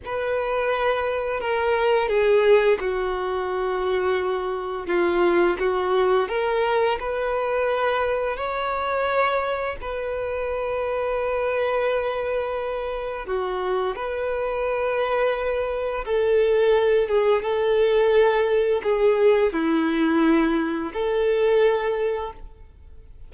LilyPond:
\new Staff \with { instrumentName = "violin" } { \time 4/4 \tempo 4 = 86 b'2 ais'4 gis'4 | fis'2. f'4 | fis'4 ais'4 b'2 | cis''2 b'2~ |
b'2. fis'4 | b'2. a'4~ | a'8 gis'8 a'2 gis'4 | e'2 a'2 | }